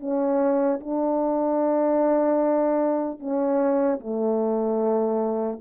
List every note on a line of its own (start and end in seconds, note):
0.00 0.80 C#4
0.81 3.20 D4
3.20 4.00 C#4
4.00 5.60 A3